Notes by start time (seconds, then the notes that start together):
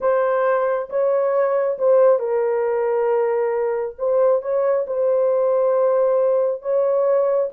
0.00 C5
0.89 C#5
1.78 C5
2.19 A#4
3.98 C5
4.41 C#5
4.86 C5
6.62 C#5